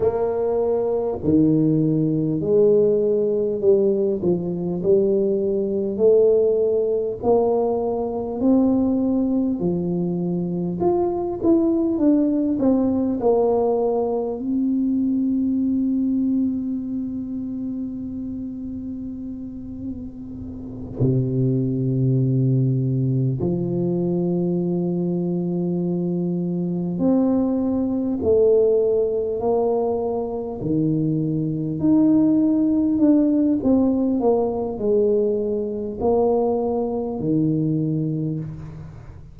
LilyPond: \new Staff \with { instrumentName = "tuba" } { \time 4/4 \tempo 4 = 50 ais4 dis4 gis4 g8 f8 | g4 a4 ais4 c'4 | f4 f'8 e'8 d'8 c'8 ais4 | c'1~ |
c'4. c2 f8~ | f2~ f8 c'4 a8~ | a8 ais4 dis4 dis'4 d'8 | c'8 ais8 gis4 ais4 dis4 | }